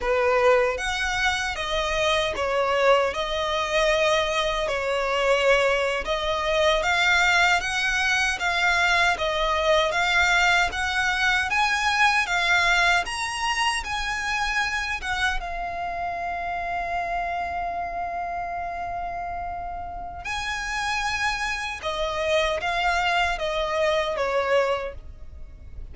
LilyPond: \new Staff \with { instrumentName = "violin" } { \time 4/4 \tempo 4 = 77 b'4 fis''4 dis''4 cis''4 | dis''2 cis''4.~ cis''16 dis''16~ | dis''8. f''4 fis''4 f''4 dis''16~ | dis''8. f''4 fis''4 gis''4 f''16~ |
f''8. ais''4 gis''4. fis''8 f''16~ | f''1~ | f''2 gis''2 | dis''4 f''4 dis''4 cis''4 | }